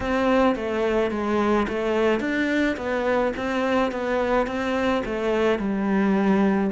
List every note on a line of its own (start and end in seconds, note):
0.00 0.55 C4
0.55 1.11 A3
1.11 1.67 G#3
1.68 2.20 A3
2.20 2.76 D4
2.76 3.32 B3
3.36 3.91 C4
3.91 4.47 B3
4.47 5.03 C4
5.05 5.58 A3
5.58 6.70 G3